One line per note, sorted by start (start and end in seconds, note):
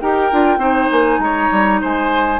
0.00 0.31 D#4
0.00 0.31 G4
0.00 0.59 A#4
0.00 0.90 G5
0.31 0.57 D4
0.31 0.59 F4
0.57 0.87 C4
0.57 2.39 D#4
0.57 1.19 C5
0.91 1.19 A#3
0.91 1.20 G#5
1.19 1.49 G#3
1.19 1.81 C#5
1.19 1.80 A#5
1.51 1.81 G3
1.81 2.40 G#3
1.81 2.40 C5
1.81 2.40 G#5